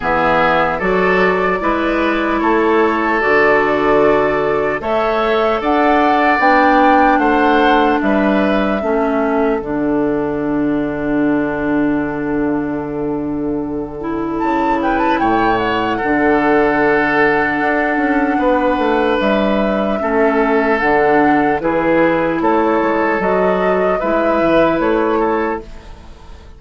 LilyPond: <<
  \new Staff \with { instrumentName = "flute" } { \time 4/4 \tempo 4 = 75 e''4 d''2 cis''4 | d''2 e''4 fis''4 | g''4 fis''4 e''2 | fis''1~ |
fis''2 a''8 g''16 a''16 g''8 fis''8~ | fis''1 | e''2 fis''4 b'4 | cis''4 dis''4 e''4 cis''4 | }
  \new Staff \with { instrumentName = "oboe" } { \time 4/4 gis'4 a'4 b'4 a'4~ | a'2 cis''4 d''4~ | d''4 c''4 b'4 a'4~ | a'1~ |
a'2~ a'8 b'8 cis''4 | a'2. b'4~ | b'4 a'2 gis'4 | a'2 b'4. a'8 | }
  \new Staff \with { instrumentName = "clarinet" } { \time 4/4 b4 fis'4 e'2 | fis'2 a'2 | d'2. cis'4 | d'1~ |
d'4. e'2~ e'8 | d'1~ | d'4 cis'4 d'4 e'4~ | e'4 fis'4 e'2 | }
  \new Staff \with { instrumentName = "bassoon" } { \time 4/4 e4 fis4 gis4 a4 | d2 a4 d'4 | b4 a4 g4 a4 | d1~ |
d2 cis4 a,4 | d2 d'8 cis'8 b8 a8 | g4 a4 d4 e4 | a8 gis8 fis4 gis8 e8 a4 | }
>>